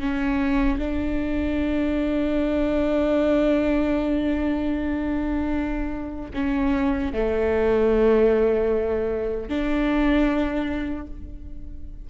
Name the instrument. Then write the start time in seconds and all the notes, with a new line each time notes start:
viola
0.00 C#4
0.78 D4
6.34 C#4
7.13 A3
9.49 D4